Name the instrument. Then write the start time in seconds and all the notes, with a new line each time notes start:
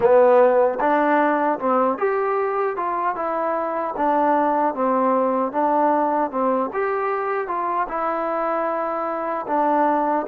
trombone
0.00 B3
0.80 D4
1.59 C4
1.97 G4
2.76 F4
3.15 E4
3.96 D4
4.74 C4
5.52 D4
6.31 C4
6.73 G4
7.47 F4
7.88 E4
9.47 D4